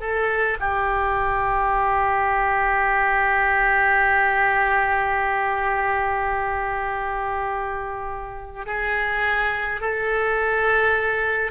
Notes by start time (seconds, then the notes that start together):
0.00 A4
0.60 G4
8.66 G#4
9.81 A4